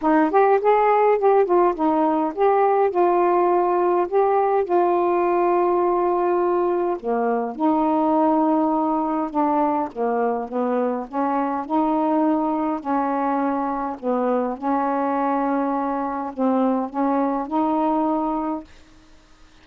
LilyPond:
\new Staff \with { instrumentName = "saxophone" } { \time 4/4 \tempo 4 = 103 dis'8 g'8 gis'4 g'8 f'8 dis'4 | g'4 f'2 g'4 | f'1 | ais4 dis'2. |
d'4 ais4 b4 cis'4 | dis'2 cis'2 | b4 cis'2. | c'4 cis'4 dis'2 | }